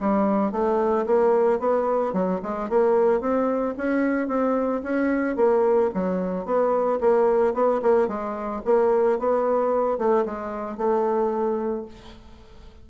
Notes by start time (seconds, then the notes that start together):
0.00 G3
0.51 A3
1.06 A#3
1.59 B3
2.13 F#3
2.42 G#3
2.69 A#3
3.20 C4
3.77 C#4
4.27 C4
4.83 C#4
5.36 A#3
5.94 F#3
6.45 B3
7.00 A#3
7.54 B3
7.82 A#3
8.07 G#3
8.65 A#3
9.19 B3
9.98 A3
10.25 G#3
10.77 A3